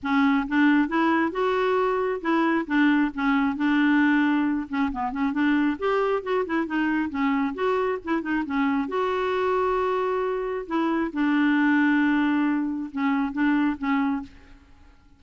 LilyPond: \new Staff \with { instrumentName = "clarinet" } { \time 4/4 \tempo 4 = 135 cis'4 d'4 e'4 fis'4~ | fis'4 e'4 d'4 cis'4 | d'2~ d'8 cis'8 b8 cis'8 | d'4 g'4 fis'8 e'8 dis'4 |
cis'4 fis'4 e'8 dis'8 cis'4 | fis'1 | e'4 d'2.~ | d'4 cis'4 d'4 cis'4 | }